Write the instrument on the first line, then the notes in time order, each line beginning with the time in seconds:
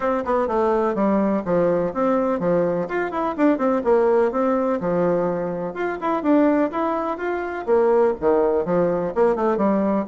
bassoon
0.00 C4
0.24 B3
0.47 A3
0.94 G3
1.45 F3
1.93 C4
2.39 F3
2.88 F4
3.11 E4
3.37 D4
3.58 C4
3.84 A#3
4.31 C4
4.80 F3
5.74 F4
6.00 E4
6.22 D4
6.71 E4
7.17 F4
7.66 A#3
8.20 D#3
8.65 F3
9.14 A#3
9.35 A3
9.57 G3